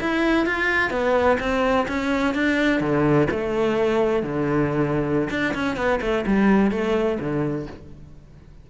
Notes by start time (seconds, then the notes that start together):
0.00 E4
0.46 F4
0.90 B3
1.39 C4
1.88 C#4
2.34 D4
2.80 D3
3.31 A3
4.23 D3
5.30 D4
5.54 C#4
5.76 B3
6.01 A3
6.26 G3
6.71 A3
7.19 D3